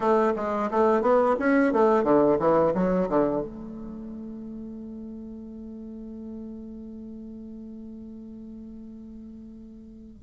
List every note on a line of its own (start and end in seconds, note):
0.00 0.33 A3
0.36 0.70 G#3
0.70 1.01 A3
1.01 1.35 B3
1.39 1.72 C#4
1.72 2.03 A3
2.03 2.37 D3
2.39 2.73 E3
2.74 3.08 F#3
3.09 3.41 D3
3.41 10.22 A3